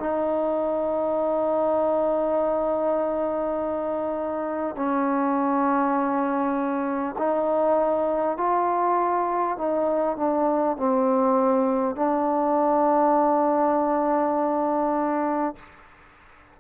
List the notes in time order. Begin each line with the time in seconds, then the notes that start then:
0.00 D#4
4.76 C#4
7.18 D#4
8.38 F4
9.58 D#4
10.17 D4
10.77 C4
11.96 D4